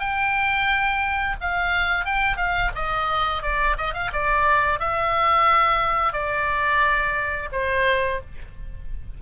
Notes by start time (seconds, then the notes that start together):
0.00 G5
1.41 F5
2.05 G5
2.37 F5
2.75 D#5
3.42 D5
3.78 D#5
3.94 F5
4.13 D5
4.79 E5
6.13 D5
7.52 C5